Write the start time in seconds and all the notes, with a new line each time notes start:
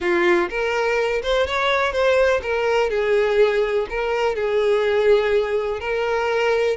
0.00 F4
0.49 A#4
1.22 C5
1.46 C#5
1.92 C5
2.42 A#4
2.90 G#4
3.89 A#4
4.35 G#4
5.80 A#4